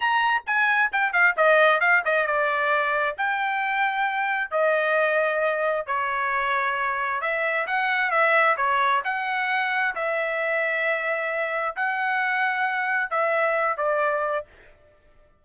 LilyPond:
\new Staff \with { instrumentName = "trumpet" } { \time 4/4 \tempo 4 = 133 ais''4 gis''4 g''8 f''8 dis''4 | f''8 dis''8 d''2 g''4~ | g''2 dis''2~ | dis''4 cis''2. |
e''4 fis''4 e''4 cis''4 | fis''2 e''2~ | e''2 fis''2~ | fis''4 e''4. d''4. | }